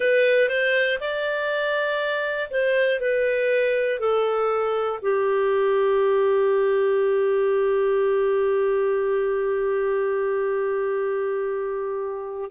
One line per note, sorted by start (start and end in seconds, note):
0.00 0.48 B4
0.48 0.98 C5
1.00 2.50 D5
2.50 3.00 C5
3.00 3.99 B4
3.99 4.99 A4
5.02 12.50 G4